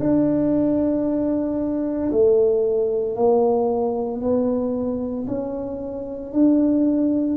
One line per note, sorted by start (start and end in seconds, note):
0.00 2.11 D4
2.11 3.16 A3
3.16 4.21 A#3
4.21 5.26 B3
5.28 6.33 C#4
6.33 7.37 D4